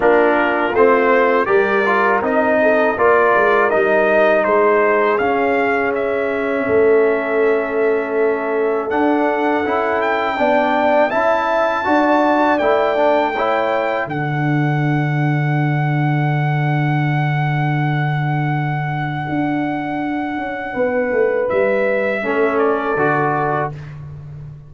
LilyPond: <<
  \new Staff \with { instrumentName = "trumpet" } { \time 4/4 \tempo 4 = 81 ais'4 c''4 d''4 dis''4 | d''4 dis''4 c''4 f''4 | e''1 | fis''4. g''4. a''4~ |
a''4 g''2 fis''4~ | fis''1~ | fis''1~ | fis''4 e''4. d''4. | }
  \new Staff \with { instrumentName = "horn" } { \time 4/4 f'2 ais'4. a'8 | ais'2 gis'2~ | gis'4 a'2.~ | a'2 d''4 e''4 |
d''2 cis''4 a'4~ | a'1~ | a'1 | b'2 a'2 | }
  \new Staff \with { instrumentName = "trombone" } { \time 4/4 d'4 c'4 g'8 f'8 dis'4 | f'4 dis'2 cis'4~ | cis'1 | d'4 e'4 d'4 e'4 |
fis'4 e'8 d'8 e'4 d'4~ | d'1~ | d'1~ | d'2 cis'4 fis'4 | }
  \new Staff \with { instrumentName = "tuba" } { \time 4/4 ais4 a4 g4 c'4 | ais8 gis8 g4 gis4 cis'4~ | cis'4 a2. | d'4 cis'4 b4 cis'4 |
d'4 a2 d4~ | d1~ | d2 d'4. cis'8 | b8 a8 g4 a4 d4 | }
>>